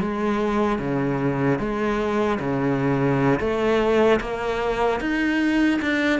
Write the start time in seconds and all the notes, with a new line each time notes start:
0.00 G#3
0.78 C#3
1.59 G#3
2.39 C#3
3.40 A3
4.20 A#3
5.00 D#4
5.81 D4